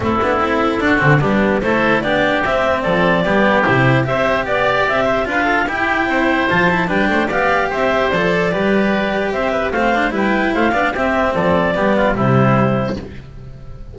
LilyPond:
<<
  \new Staff \with { instrumentName = "clarinet" } { \time 4/4 \tempo 4 = 148 a'2. g'4 | c''4 d''4 e''4 d''4~ | d''4 c''4 e''4 d''4 | e''4 f''4 g''2 |
a''4 g''4 f''4 e''4 | d''2. e''4 | f''4 g''4 f''4 e''4 | d''2 c''2 | }
  \new Staff \with { instrumentName = "oboe" } { \time 4/4 e'2 fis'4 d'4 | a'4 g'2 a'4 | g'2 c''4 d''4~ | d''8 c''8 b'8 a'8 g'4 c''4~ |
c''4 b'8 c''8 d''4 c''4~ | c''4 b'2 c''8 b'8 | c''4 b'4 c''8 d''8 g'4 | a'4 g'8 f'8 e'2 | }
  \new Staff \with { instrumentName = "cello" } { \time 4/4 c'8 d'8 e'4 d'8 c'8 b4 | e'4 d'4 c'2 | b4 e'4 g'2~ | g'4 f'4 e'2 |
f'8 e'8 d'4 g'2 | a'4 g'2. | c'8 d'8 e'4. d'8 c'4~ | c'4 b4 g2 | }
  \new Staff \with { instrumentName = "double bass" } { \time 4/4 a8 b8 c'4 d'8 d8 g4 | a4 b4 c'4 f4 | g4 c4 c'4 b4 | c'4 d'4 e'4 c'4 |
f4 g8 a8 b4 c'4 | f4 g2 c'4 | a4 g4 a8 b8 c'4 | f4 g4 c2 | }
>>